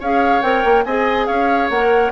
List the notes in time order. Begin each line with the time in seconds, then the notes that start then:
0.00 C#4 G#4 C#5 F5
0.42 C4 A#4 G5
0.65 A#3
0.85 C4 G#4 D#5 G#5
1.26 C#4 C#5 F5
1.70 A#3 A#4 F#5